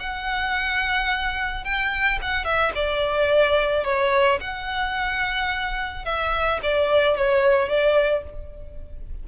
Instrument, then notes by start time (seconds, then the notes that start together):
violin
0.00 F#5
1.64 G5
2.22 F#5
2.45 E5
2.75 D5
3.85 C#5
4.41 F#5
6.05 E5
6.63 D5
7.17 C#5
7.69 D5